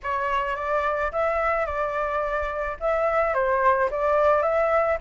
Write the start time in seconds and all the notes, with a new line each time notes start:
0.03 C#5
0.56 D5
1.12 E5
1.66 D5
2.80 E5
3.34 C5
3.90 D5
4.42 E5